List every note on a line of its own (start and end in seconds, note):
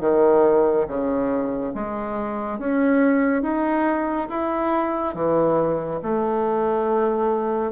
0.00 0.86 D#3
0.87 1.73 C#3
1.74 2.58 G#3
2.58 3.42 C#4
3.42 4.28 D#4
4.29 5.14 E4
5.14 6.00 E3
6.02 7.72 A3